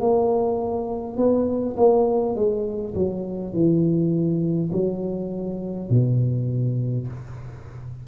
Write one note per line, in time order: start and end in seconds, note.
0.00 1.17 A#3
1.17 1.76 B3
1.76 2.35 A#3
2.35 2.94 G#3
2.94 3.53 F#3
3.53 4.71 E3
4.72 5.90 F#3
5.90 7.07 B2